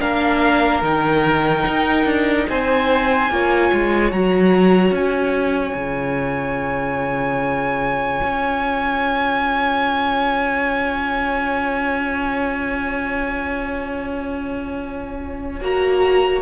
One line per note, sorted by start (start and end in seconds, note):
0.00 0.82 A#3
0.00 0.82 D4
0.00 2.48 A#4
0.00 0.83 F5
0.82 1.65 D#3
0.82 3.30 D#4
0.82 2.49 G5
1.66 2.05 D#4
2.05 2.46 D4
2.49 3.30 C4
2.49 3.32 C5
2.49 4.13 G#5
3.30 3.71 A#3
3.30 4.12 F4
3.30 16.42 C#5
3.73 4.12 G#3
4.12 4.91 F#3
4.12 5.74 F#4
4.12 4.95 A#5
4.91 5.73 C#4
4.91 15.64 G#5
5.74 8.21 C#3
5.74 15.61 F4
8.24 15.61 C#4
15.61 16.42 A#3
15.61 16.42 F#4
15.61 16.42 A#5